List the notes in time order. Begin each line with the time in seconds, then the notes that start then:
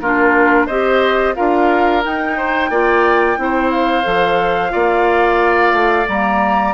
0.00 A#3 D4 F4 A#4
0.66 C4 G4 C5 D#5
1.35 D4 F4 A#4 F5
2.04 D#4 G5
2.37 C5
2.70 A#3 F4 D5
3.37 C4 E4 C5
3.71 F5
4.03 F3 A4
4.70 A#3 F4 D5
5.72 A3
6.08 G3 A#3 A#5